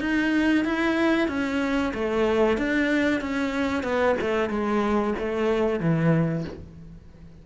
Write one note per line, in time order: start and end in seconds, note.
0.00 0.65 D#4
0.65 1.28 E4
1.28 1.93 C#4
1.94 2.58 A3
2.58 3.21 D4
3.21 3.83 C#4
3.83 4.16 B3
4.21 4.50 A3
4.50 5.14 G#3
5.19 5.80 A3
5.80 6.45 E3